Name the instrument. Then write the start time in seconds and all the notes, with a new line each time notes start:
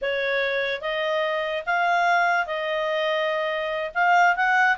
clarinet
0.01 C#5
0.81 D#5
1.66 F5
2.46 D#5
3.94 F5
4.35 F#5